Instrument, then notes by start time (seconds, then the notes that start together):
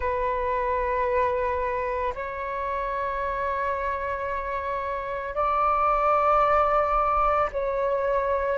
flute
0.00 B4
2.14 C#5
5.35 D5
7.52 C#5